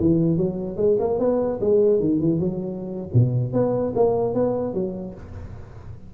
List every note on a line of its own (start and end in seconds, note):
0.00 0.37 E3
0.37 0.77 F#3
0.77 0.97 G#3
1.00 1.19 A#3
1.19 1.60 B3
1.61 2.00 G#3
2.00 2.20 D#3
2.20 2.40 E3
2.40 3.11 F#3
3.14 3.53 B2
3.53 3.94 B3
3.96 4.34 A#3
4.34 4.74 B3
4.74 5.14 F#3